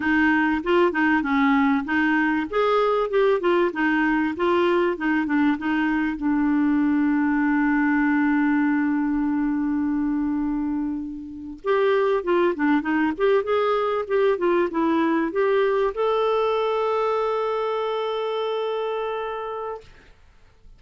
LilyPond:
\new Staff \with { instrumentName = "clarinet" } { \time 4/4 \tempo 4 = 97 dis'4 f'8 dis'8 cis'4 dis'4 | gis'4 g'8 f'8 dis'4 f'4 | dis'8 d'8 dis'4 d'2~ | d'1~ |
d'2~ d'8. g'4 f'16~ | f'16 d'8 dis'8 g'8 gis'4 g'8 f'8 e'16~ | e'8. g'4 a'2~ a'16~ | a'1 | }